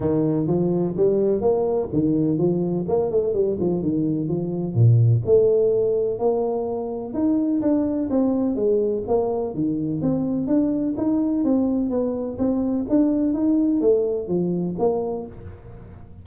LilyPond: \new Staff \with { instrumentName = "tuba" } { \time 4/4 \tempo 4 = 126 dis4 f4 g4 ais4 | dis4 f4 ais8 a8 g8 f8 | dis4 f4 ais,4 a4~ | a4 ais2 dis'4 |
d'4 c'4 gis4 ais4 | dis4 c'4 d'4 dis'4 | c'4 b4 c'4 d'4 | dis'4 a4 f4 ais4 | }